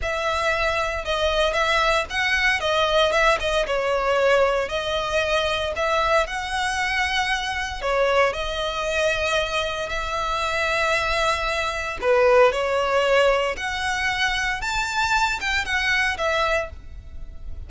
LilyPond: \new Staff \with { instrumentName = "violin" } { \time 4/4 \tempo 4 = 115 e''2 dis''4 e''4 | fis''4 dis''4 e''8 dis''8 cis''4~ | cis''4 dis''2 e''4 | fis''2. cis''4 |
dis''2. e''4~ | e''2. b'4 | cis''2 fis''2 | a''4. g''8 fis''4 e''4 | }